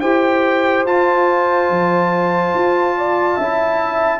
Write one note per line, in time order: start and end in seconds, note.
0.00 0.85 E4
0.00 0.86 G4
0.00 2.97 C5
0.00 0.85 G5
0.85 1.70 F4
0.85 3.41 F4
0.85 4.19 A5
1.70 2.54 F3
2.54 3.37 F4
2.97 3.36 D5
3.36 4.19 C#4
3.36 4.19 E4
3.36 4.19 E5